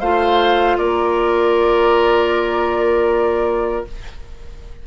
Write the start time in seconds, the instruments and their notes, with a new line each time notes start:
0.00 bassoon A3, clarinet F4, oboe C5, flute F5
0.77 bassoon A#3, oboe A#4, flute D5